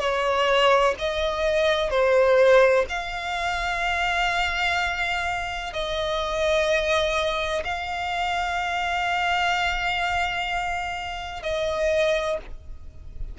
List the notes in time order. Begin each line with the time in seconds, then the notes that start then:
0.00 C#5
0.99 D#5
1.90 C5
2.89 F5
5.73 D#5
7.65 F5
11.43 D#5